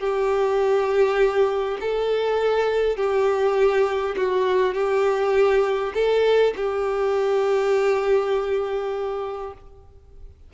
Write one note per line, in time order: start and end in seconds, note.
0.00 1.78 G4
1.81 2.97 A4
2.97 4.16 G4
4.17 4.74 F#4
4.74 5.93 G4
5.95 6.54 A4
6.57 9.54 G4